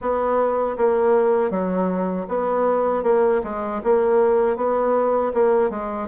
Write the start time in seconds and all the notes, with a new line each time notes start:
0.01 B3
0.77 A#3
1.50 F#3
2.28 B3
3.03 A#3
3.43 G#3
3.83 A#3
4.56 B3
5.33 A#3
5.70 G#3